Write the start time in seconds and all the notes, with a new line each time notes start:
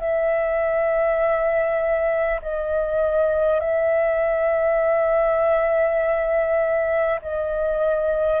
0.00 E5
2.42 D#5
3.59 E5
7.22 D#5